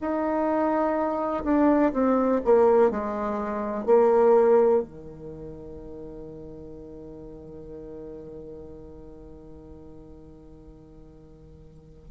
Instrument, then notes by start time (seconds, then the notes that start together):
bassoon
0.00 D#4
1.43 D4
1.93 C4
2.44 A#3
2.90 G#3
3.86 A#3
4.83 D#3